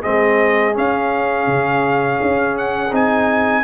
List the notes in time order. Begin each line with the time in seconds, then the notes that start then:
0.00 C4 G#4 D#5
0.06 G#3
0.74 C#4 F5
1.47 C#3
2.22 C#4
2.58 F#5
2.92 C4 D#4 G#5